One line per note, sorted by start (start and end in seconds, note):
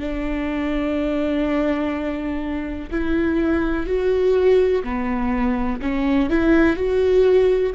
0.00 2.90 D4
2.91 3.87 E4
3.87 4.83 F#4
4.84 5.81 B3
5.82 6.30 C#4
6.30 6.77 E4
6.77 7.74 F#4